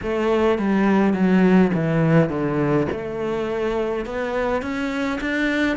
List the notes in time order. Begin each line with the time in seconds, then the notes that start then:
0.02 A3
0.58 G3
1.13 F#3
1.74 E3
2.29 D3
2.91 A3
4.05 B3
4.62 C#4
5.21 D4